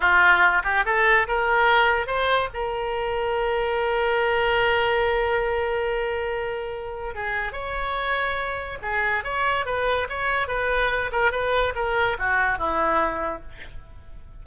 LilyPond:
\new Staff \with { instrumentName = "oboe" } { \time 4/4 \tempo 4 = 143 f'4. g'8 a'4 ais'4~ | ais'4 c''4 ais'2~ | ais'1~ | ais'1~ |
ais'4 gis'4 cis''2~ | cis''4 gis'4 cis''4 b'4 | cis''4 b'4. ais'8 b'4 | ais'4 fis'4 e'2 | }